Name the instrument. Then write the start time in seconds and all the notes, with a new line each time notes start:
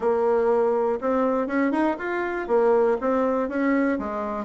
bassoon
0.00 A#3
1.01 C4
1.47 C#4
1.71 D#4
1.98 F4
2.47 A#3
3.00 C4
3.48 C#4
3.98 G#3